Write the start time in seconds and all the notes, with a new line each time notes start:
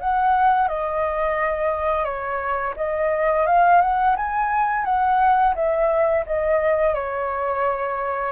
0.00 F#5
0.68 D#5
2.04 C#5
2.77 D#5
3.47 F5
3.81 F#5
4.16 G#5
4.85 F#5
5.55 E5
6.26 D#5
6.95 C#5